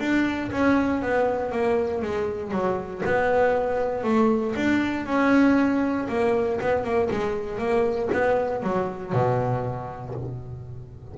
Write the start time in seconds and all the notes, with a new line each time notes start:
0.00 D4
0.52 C#4
1.03 B3
1.52 A#3
2.02 G#3
2.52 F#3
3.06 B3
4.04 A3
4.56 D4
5.07 C#4
6.09 A#3
6.61 B3
6.84 A#3
7.11 G#3
7.59 A#3
8.13 B3
8.63 F#3
9.13 B2